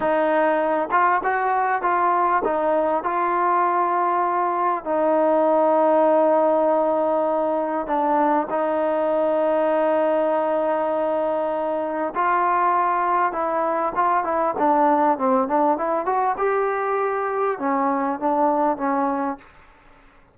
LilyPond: \new Staff \with { instrumentName = "trombone" } { \time 4/4 \tempo 4 = 99 dis'4. f'8 fis'4 f'4 | dis'4 f'2. | dis'1~ | dis'4 d'4 dis'2~ |
dis'1 | f'2 e'4 f'8 e'8 | d'4 c'8 d'8 e'8 fis'8 g'4~ | g'4 cis'4 d'4 cis'4 | }